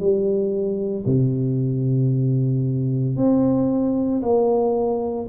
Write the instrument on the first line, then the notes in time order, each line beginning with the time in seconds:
tuba
0.00 G3
1.06 C3
3.16 C4
4.22 A#3